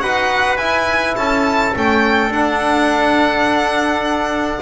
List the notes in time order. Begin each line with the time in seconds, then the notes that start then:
0.00 D#4 F#4 B4 F#5
0.57 E4 G#5
1.16 C#4 A4 A5
1.75 A3 C#4 G5
2.29 D4 F#5